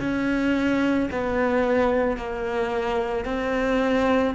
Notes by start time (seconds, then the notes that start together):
0.00 C#4
1.11 B3
2.17 A#3
3.25 C4